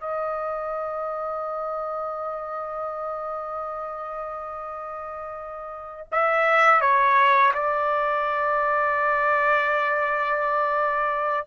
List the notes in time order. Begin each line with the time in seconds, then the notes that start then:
0.00 D#5
6.12 E5
6.81 C#5
7.54 D5